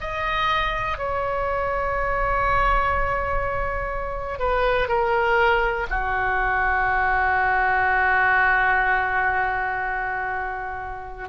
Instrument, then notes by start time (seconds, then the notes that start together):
oboe
0.00 D#5
0.98 C#5
4.39 B4
4.88 A#4
5.90 F#4